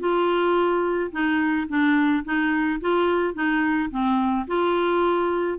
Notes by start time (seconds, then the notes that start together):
0.00 F4
1.12 D#4
1.69 D4
2.25 D#4
2.81 F4
3.34 D#4
3.91 C4
4.48 F4